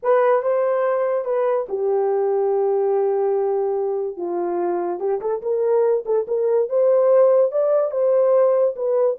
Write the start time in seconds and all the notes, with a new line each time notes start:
0.02 B4
0.42 C5
1.25 B4
1.68 G4
4.17 F4
4.99 G4
5.20 A4
5.42 A#4
6.05 A4
6.27 A#4
6.69 C5
7.51 D5
7.91 C5
8.76 B4